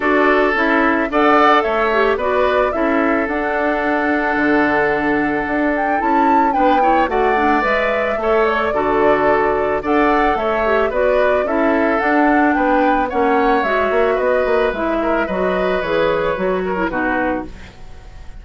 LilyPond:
<<
  \new Staff \with { instrumentName = "flute" } { \time 4/4 \tempo 4 = 110 d''4 e''4 fis''4 e''4 | d''4 e''4 fis''2~ | fis''2~ fis''8 g''8 a''4 | g''4 fis''4 e''4. d''8~ |
d''2 fis''4 e''4 | d''4 e''4 fis''4 g''4 | fis''4 e''4 dis''4 e''4 | dis''4 cis''2 b'4 | }
  \new Staff \with { instrumentName = "oboe" } { \time 4/4 a'2 d''4 cis''4 | b'4 a'2.~ | a'1 | b'8 cis''8 d''2 cis''4 |
a'2 d''4 cis''4 | b'4 a'2 b'4 | cis''2 b'4. ais'8 | b'2~ b'8 ais'8 fis'4 | }
  \new Staff \with { instrumentName = "clarinet" } { \time 4/4 fis'4 e'4 a'4. g'8 | fis'4 e'4 d'2~ | d'2. e'4 | d'8 e'8 fis'8 d'8 b'4 a'4 |
fis'2 a'4. g'8 | fis'4 e'4 d'2 | cis'4 fis'2 e'4 | fis'4 gis'4 fis'8. e'16 dis'4 | }
  \new Staff \with { instrumentName = "bassoon" } { \time 4/4 d'4 cis'4 d'4 a4 | b4 cis'4 d'2 | d2 d'4 cis'4 | b4 a4 gis4 a4 |
d2 d'4 a4 | b4 cis'4 d'4 b4 | ais4 gis8 ais8 b8 ais8 gis4 | fis4 e4 fis4 b,4 | }
>>